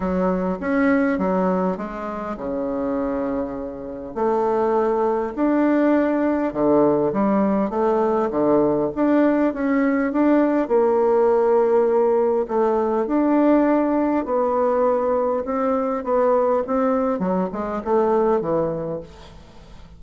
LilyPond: \new Staff \with { instrumentName = "bassoon" } { \time 4/4 \tempo 4 = 101 fis4 cis'4 fis4 gis4 | cis2. a4~ | a4 d'2 d4 | g4 a4 d4 d'4 |
cis'4 d'4 ais2~ | ais4 a4 d'2 | b2 c'4 b4 | c'4 fis8 gis8 a4 e4 | }